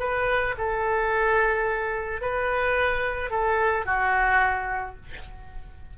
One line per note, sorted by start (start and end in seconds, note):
0.00 0.55 B4
0.58 2.21 A4
2.21 3.31 B4
3.31 3.86 A4
3.86 4.96 F#4